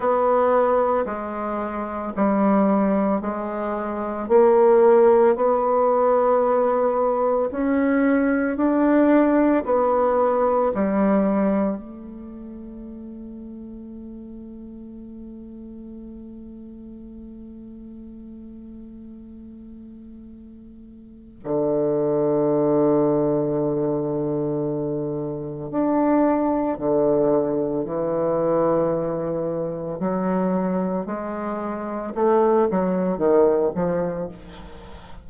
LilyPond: \new Staff \with { instrumentName = "bassoon" } { \time 4/4 \tempo 4 = 56 b4 gis4 g4 gis4 | ais4 b2 cis'4 | d'4 b4 g4 a4~ | a1~ |
a1 | d1 | d'4 d4 e2 | fis4 gis4 a8 fis8 dis8 f8 | }